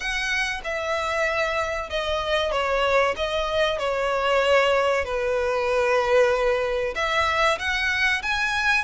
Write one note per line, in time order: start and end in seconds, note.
0.00 0.61 F#5
0.63 1.89 E5
1.89 2.51 D#5
2.51 3.14 C#5
3.16 3.78 D#5
3.78 5.04 C#5
5.04 6.94 B4
6.95 7.58 E5
7.58 8.22 F#5
8.22 8.84 G#5